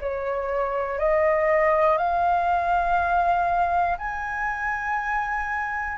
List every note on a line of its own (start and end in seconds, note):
0.00 0.98 C#5
0.98 1.98 D#5
1.98 3.98 F5
3.98 5.98 G#5